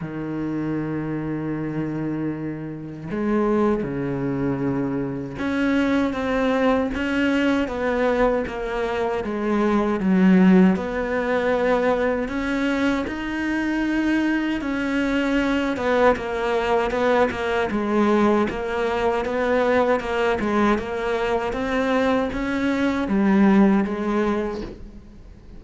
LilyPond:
\new Staff \with { instrumentName = "cello" } { \time 4/4 \tempo 4 = 78 dis1 | gis4 cis2 cis'4 | c'4 cis'4 b4 ais4 | gis4 fis4 b2 |
cis'4 dis'2 cis'4~ | cis'8 b8 ais4 b8 ais8 gis4 | ais4 b4 ais8 gis8 ais4 | c'4 cis'4 g4 gis4 | }